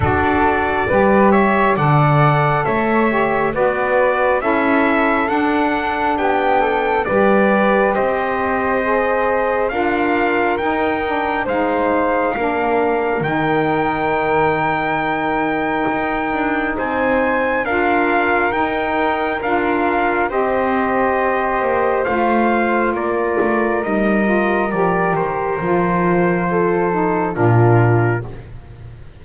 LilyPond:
<<
  \new Staff \with { instrumentName = "trumpet" } { \time 4/4 \tempo 4 = 68 d''4. e''8 fis''4 e''4 | d''4 e''4 fis''4 g''4 | d''4 dis''2 f''4 | g''4 f''2 g''4~ |
g''2. gis''4 | f''4 g''4 f''4 dis''4~ | dis''4 f''4 d''4 dis''4 | d''8 c''2~ c''8 ais'4 | }
  \new Staff \with { instrumentName = "flute" } { \time 4/4 a'4 b'8 cis''8 d''4 cis''4 | b'4 a'2 g'8 a'8 | b'4 c''2 ais'4~ | ais'4 c''4 ais'2~ |
ais'2. c''4 | ais'2. c''4~ | c''2 ais'2~ | ais'2 a'4 f'4 | }
  \new Staff \with { instrumentName = "saxophone" } { \time 4/4 fis'4 g'4 a'4. g'8 | fis'4 e'4 d'2 | g'2 gis'4 f'4 | dis'8 d'8 dis'4 d'4 dis'4~ |
dis'1 | f'4 dis'4 f'4 g'4~ | g'4 f'2 dis'8 f'8 | g'4 f'4. dis'8 d'4 | }
  \new Staff \with { instrumentName = "double bass" } { \time 4/4 d'4 g4 d4 a4 | b4 cis'4 d'4 b4 | g4 c'2 d'4 | dis'4 gis4 ais4 dis4~ |
dis2 dis'8 d'8 c'4 | d'4 dis'4 d'4 c'4~ | c'8 ais8 a4 ais8 a8 g4 | f8 dis8 f2 ais,4 | }
>>